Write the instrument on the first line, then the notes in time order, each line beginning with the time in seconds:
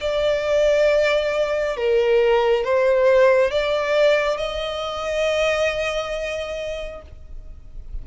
violin
0.00 D5
1.76 A#4
2.64 C5
3.51 D5
4.37 D#5